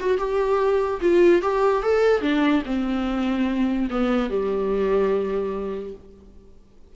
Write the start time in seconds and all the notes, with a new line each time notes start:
0.00 F#4
0.18 G4
1.01 F4
1.42 G4
1.83 A4
2.22 D4
2.66 C4
3.90 B3
4.30 G3